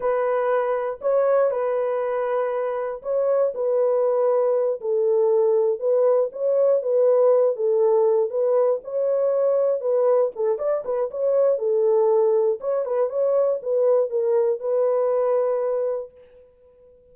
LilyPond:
\new Staff \with { instrumentName = "horn" } { \time 4/4 \tempo 4 = 119 b'2 cis''4 b'4~ | b'2 cis''4 b'4~ | b'4. a'2 b'8~ | b'8 cis''4 b'4. a'4~ |
a'8 b'4 cis''2 b'8~ | b'8 a'8 d''8 b'8 cis''4 a'4~ | a'4 cis''8 b'8 cis''4 b'4 | ais'4 b'2. | }